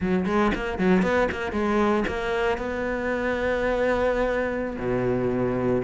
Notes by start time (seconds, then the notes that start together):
0.00 F#3
0.25 G#3
0.54 A#3
0.78 F#3
1.02 B3
1.31 A#3
1.52 G#3
2.07 A#3
2.57 B3
4.78 B2